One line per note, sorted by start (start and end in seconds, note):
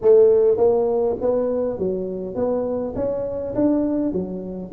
0.01 0.57 A3
0.57 1.16 A#3
1.21 1.78 B3
1.78 2.35 F#3
2.35 2.94 B3
2.95 3.54 C#4
3.55 4.12 D4
4.12 4.71 F#3